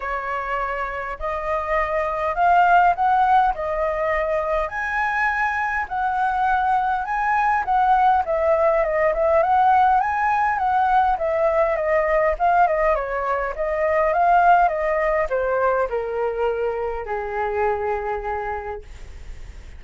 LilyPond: \new Staff \with { instrumentName = "flute" } { \time 4/4 \tempo 4 = 102 cis''2 dis''2 | f''4 fis''4 dis''2 | gis''2 fis''2 | gis''4 fis''4 e''4 dis''8 e''8 |
fis''4 gis''4 fis''4 e''4 | dis''4 f''8 dis''8 cis''4 dis''4 | f''4 dis''4 c''4 ais'4~ | ais'4 gis'2. | }